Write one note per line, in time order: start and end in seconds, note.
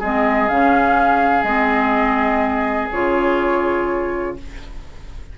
0.00 0.50 G#3
0.00 0.50 C4
0.00 4.35 G#4
0.00 0.49 D#5
0.49 1.43 C#3
0.49 1.45 C#4
0.49 1.43 F5
1.43 2.89 G#3
1.43 2.91 C4
1.43 2.88 D#5
2.92 4.38 C#3
2.92 4.38 F4
2.92 4.37 C#5